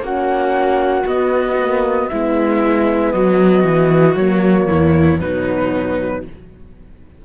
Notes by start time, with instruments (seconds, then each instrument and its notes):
0.00 cello A#3, horn C#4, viola F#4, flute F#5
1.04 horn B3, cello B3, flute D#5
1.58 horn A#3
2.08 cello G#3, horn B3, viola E4, flute E5
3.11 cello F#3, viola F#4, flute D#5
3.64 cello E3
4.16 cello F#3, horn A#3, flute C#5
4.68 cello E2, viola E4
5.20 cello B2, horn F#3, viola D#4, flute B4